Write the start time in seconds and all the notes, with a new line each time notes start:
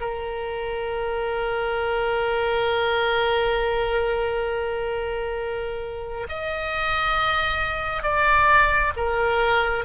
0.00 A#4
6.28 D#5
8.02 D5
8.96 A#4